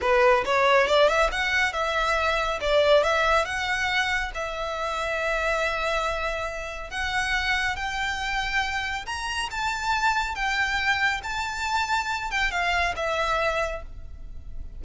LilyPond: \new Staff \with { instrumentName = "violin" } { \time 4/4 \tempo 4 = 139 b'4 cis''4 d''8 e''8 fis''4 | e''2 d''4 e''4 | fis''2 e''2~ | e''1 |
fis''2 g''2~ | g''4 ais''4 a''2 | g''2 a''2~ | a''8 g''8 f''4 e''2 | }